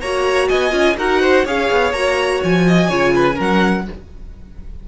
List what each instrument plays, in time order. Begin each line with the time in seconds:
0.00 cello A#3, viola F#4, violin C#5 A#5
0.48 cello B3, violin D#5 G#5
0.71 cello C#4, viola F4
0.97 cello D#4, viola F#4, violin A#4 F#5
1.21 violin C5
1.45 cello C#4, viola G#4, violin C#5 F5
1.71 cello B3
1.92 cello A#3, viola F#4, violin A#5
2.43 cello F3, violin G#5
2.67 violin D#5
2.88 cello C#3, viola F4, violin C#5
3.15 violin B4
3.33 viola C#4, violin A#4
3.40 cello F#3, violin F#5